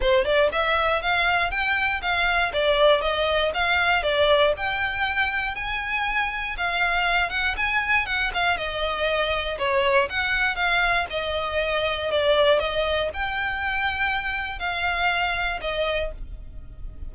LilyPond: \new Staff \with { instrumentName = "violin" } { \time 4/4 \tempo 4 = 119 c''8 d''8 e''4 f''4 g''4 | f''4 d''4 dis''4 f''4 | d''4 g''2 gis''4~ | gis''4 f''4. fis''8 gis''4 |
fis''8 f''8 dis''2 cis''4 | fis''4 f''4 dis''2 | d''4 dis''4 g''2~ | g''4 f''2 dis''4 | }